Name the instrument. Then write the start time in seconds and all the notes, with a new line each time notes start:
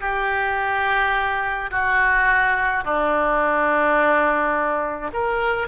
oboe
0.00 G4
1.70 F#4
2.84 D4
5.13 A#4